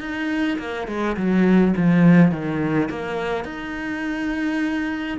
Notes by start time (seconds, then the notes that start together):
0.00 D#4
0.58 A#3
0.87 G#3
1.16 F#3
1.76 F3
2.31 D#3
2.89 A#3
3.44 D#4